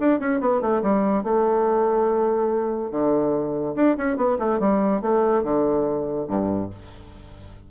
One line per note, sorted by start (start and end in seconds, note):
0.00 0.20 D4
0.20 0.41 C#4
0.41 0.61 B3
0.61 0.82 A3
0.83 1.24 G3
1.24 2.91 A3
2.91 3.75 D3
3.76 3.97 D4
3.98 4.17 C#4
4.17 4.38 B3
4.39 4.60 A3
4.60 5.02 G3
5.02 5.43 A3
5.43 6.27 D3
6.29 6.71 G2